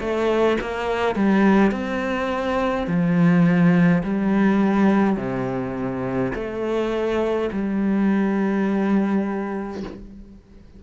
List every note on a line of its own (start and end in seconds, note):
0.00 0.58 A3
0.61 1.15 A#3
1.15 1.72 G3
1.72 2.87 C4
2.87 4.03 F3
4.03 5.17 G3
5.17 6.32 C3
6.35 7.50 A3
7.52 9.83 G3